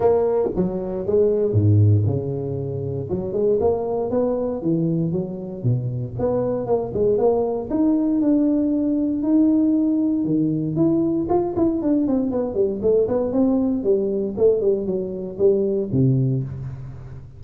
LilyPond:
\new Staff \with { instrumentName = "tuba" } { \time 4/4 \tempo 4 = 117 ais4 fis4 gis4 gis,4 | cis2 fis8 gis8 ais4 | b4 e4 fis4 b,4 | b4 ais8 gis8 ais4 dis'4 |
d'2 dis'2 | dis4 e'4 f'8 e'8 d'8 c'8 | b8 g8 a8 b8 c'4 g4 | a8 g8 fis4 g4 c4 | }